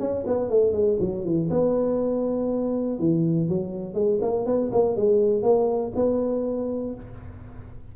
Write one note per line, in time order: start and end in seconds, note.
0.00 0.25 C#4
0.27 0.50 B3
0.50 0.73 A3
0.73 0.98 G#3
1.00 1.25 F#3
1.25 1.50 E3
1.51 2.99 B3
2.99 3.49 E3
3.49 3.94 F#3
3.94 4.19 G#3
4.21 4.46 A#3
4.46 4.71 B3
4.72 4.96 A#3
4.96 5.43 G#3
5.43 5.93 A#3
5.96 6.95 B3